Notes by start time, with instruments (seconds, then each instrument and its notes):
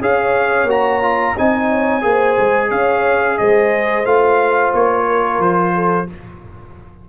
0.00 tuba C#4, trombone G#4, horn C#5, trumpet F5
0.64 tuba A#3, trombone F#4
0.70 trumpet A#5
1.02 trombone F4
1.34 tuba C4, trombone D#4, horn D#5, trumpet G#5
1.69 horn C#5
2.01 tuba A#3, trombone G#4, horn C5
2.38 tuba G#3
2.69 tuba C#4, horn C#5, trumpet F5
3.38 tuba G#3, horn C5, trumpet D#5
4.04 tuba A3, trombone F4, trumpet F5
4.73 tuba A#3, trumpet C#5
5.07 horn A#4
5.38 tuba F3, trumpet C5
5.74 horn A4